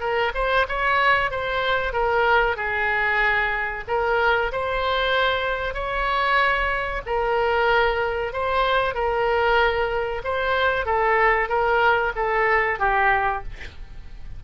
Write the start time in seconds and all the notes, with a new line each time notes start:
0.00 A#4
0.35 C5
0.68 C#5
1.31 C5
1.93 A#4
2.56 G#4
3.88 A#4
4.52 C5
5.74 C#5
7.06 A#4
8.33 C5
8.94 A#4
10.24 C5
10.86 A4
11.49 A#4
12.16 A4
12.79 G4